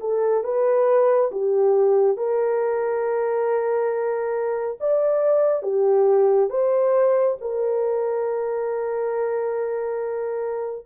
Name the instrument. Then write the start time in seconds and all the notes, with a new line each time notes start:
horn
0.00 A4
0.43 B4
1.31 G4
2.17 A#4
4.80 D5
5.62 G4
6.49 C5
7.41 A#4